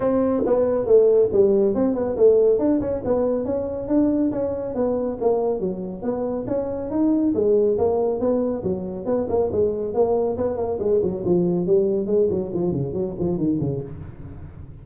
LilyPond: \new Staff \with { instrumentName = "tuba" } { \time 4/4 \tempo 4 = 139 c'4 b4 a4 g4 | c'8 b8 a4 d'8 cis'8 b4 | cis'4 d'4 cis'4 b4 | ais4 fis4 b4 cis'4 |
dis'4 gis4 ais4 b4 | fis4 b8 ais8 gis4 ais4 | b8 ais8 gis8 fis8 f4 g4 | gis8 fis8 f8 cis8 fis8 f8 dis8 cis8 | }